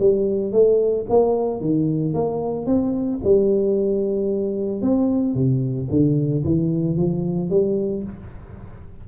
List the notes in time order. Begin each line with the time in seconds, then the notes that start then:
0.00 G3
0.52 A3
1.09 A#3
1.61 D#3
2.14 A#3
2.66 C4
3.24 G3
4.82 C4
5.35 C3
5.90 D3
6.45 E3
6.97 F3
7.50 G3